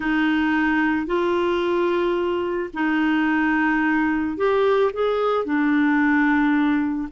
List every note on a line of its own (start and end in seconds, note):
0.00 1.06 D#4
1.06 2.70 F4
2.73 4.37 D#4
4.37 4.91 G4
4.93 5.44 G#4
5.44 7.08 D4